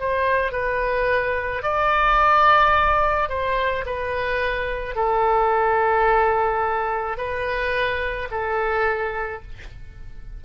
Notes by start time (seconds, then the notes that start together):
0.00 C5
0.52 B4
1.63 D5
3.29 C5
3.85 B4
4.95 A4
7.17 B4
8.31 A4